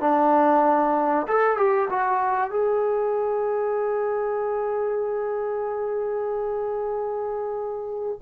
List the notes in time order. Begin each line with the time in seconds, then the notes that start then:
0.00 D4
1.28 A4
1.57 G4
1.89 F#4
2.51 G#4